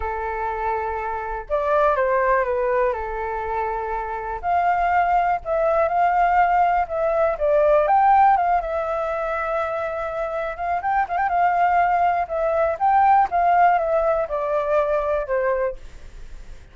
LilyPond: \new Staff \with { instrumentName = "flute" } { \time 4/4 \tempo 4 = 122 a'2. d''4 | c''4 b'4 a'2~ | a'4 f''2 e''4 | f''2 e''4 d''4 |
g''4 f''8 e''2~ e''8~ | e''4. f''8 g''8 f''16 g''16 f''4~ | f''4 e''4 g''4 f''4 | e''4 d''2 c''4 | }